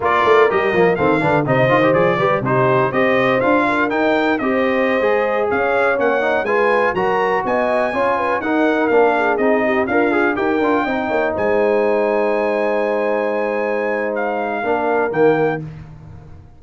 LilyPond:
<<
  \new Staff \with { instrumentName = "trumpet" } { \time 4/4 \tempo 4 = 123 d''4 dis''4 f''4 dis''4 | d''4 c''4 dis''4 f''4 | g''4 dis''2~ dis''16 f''8.~ | f''16 fis''4 gis''4 ais''4 gis''8.~ |
gis''4~ gis''16 fis''4 f''4 dis''8.~ | dis''16 f''4 g''2 gis''8.~ | gis''1~ | gis''4 f''2 g''4 | }
  \new Staff \with { instrumentName = "horn" } { \time 4/4 ais'2 a'8 b'8 c''4~ | c''8 b'8 g'4 c''4. ais'8~ | ais'4 c''2~ c''16 cis''8.~ | cis''4~ cis''16 b'4 ais'4 dis''8.~ |
dis''16 cis''8 b'8 ais'4. gis'4 g'16~ | g'16 f'4 ais'4 dis''8 cis''8 c''8.~ | c''1~ | c''2 ais'2 | }
  \new Staff \with { instrumentName = "trombone" } { \time 4/4 f'4 g'8 ais8 c'8 d'8 dis'8 f'16 g'16 | gis'8 g'8 dis'4 g'4 f'4 | dis'4 g'4~ g'16 gis'4.~ gis'16~ | gis'16 cis'8 dis'8 f'4 fis'4.~ fis'16~ |
fis'16 f'4 dis'4 d'4 dis'8.~ | dis'16 ais'8 gis'8 g'8 f'8 dis'4.~ dis'16~ | dis'1~ | dis'2 d'4 ais4 | }
  \new Staff \with { instrumentName = "tuba" } { \time 4/4 ais8 a8 g8 f8 dis8 d8 c8 dis8 | f8 g8 c4 c'4 d'4 | dis'4 c'4~ c'16 gis4 cis'8.~ | cis'16 ais4 gis4 fis4 b8.~ |
b16 cis'4 dis'4 ais4 c'8.~ | c'16 d'4 dis'8 d'8 c'8 ais8 gis8.~ | gis1~ | gis2 ais4 dis4 | }
>>